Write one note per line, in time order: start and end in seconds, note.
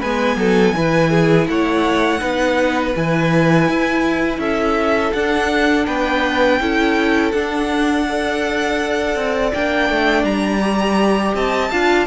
0.00 0.36 G#3
0.00 0.75 B3
0.00 0.37 B4
0.00 1.48 G#5
0.36 0.73 F#3
0.36 0.75 A4
0.75 1.48 E3
0.75 2.20 E4
0.75 1.10 B4
1.10 1.47 G#4
1.48 2.21 A3
1.48 2.20 C#5
1.48 2.96 F#5
2.20 2.95 B3
2.20 2.93 D#4
2.20 4.40 B4
2.96 3.68 E3
2.96 5.15 E4
2.96 4.39 G#5
3.68 4.39 E4
4.39 5.12 C#4
4.39 5.86 A4
4.39 5.13 E5
5.13 5.87 D4
5.13 6.60 D4
5.13 5.86 F#5
5.86 6.60 B3
5.86 6.60 B4
5.86 7.32 G5
6.60 7.33 C#4
6.60 7.34 E4
6.60 8.07 A4
7.32 9.15 D4
7.32 8.07 D4
7.32 9.51 F#5
8.07 9.55 A4
8.07 11.35 D5
9.15 9.52 C4
9.54 9.89 A#3
9.54 10.61 D4
9.54 10.25 G5
9.89 10.24 A3
10.24 11.34 G3
10.24 11.34 A#5
10.61 11.70 G4
11.34 11.71 C4
11.34 11.71 D#5
11.34 12.07 A5
11.71 12.07 D4
11.71 12.07 F4
11.71 12.07 F5